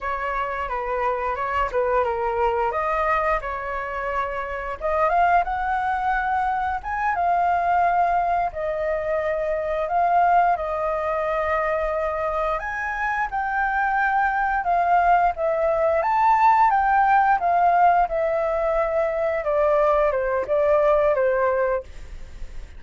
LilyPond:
\new Staff \with { instrumentName = "flute" } { \time 4/4 \tempo 4 = 88 cis''4 b'4 cis''8 b'8 ais'4 | dis''4 cis''2 dis''8 f''8 | fis''2 gis''8 f''4.~ | f''8 dis''2 f''4 dis''8~ |
dis''2~ dis''8 gis''4 g''8~ | g''4. f''4 e''4 a''8~ | a''8 g''4 f''4 e''4.~ | e''8 d''4 c''8 d''4 c''4 | }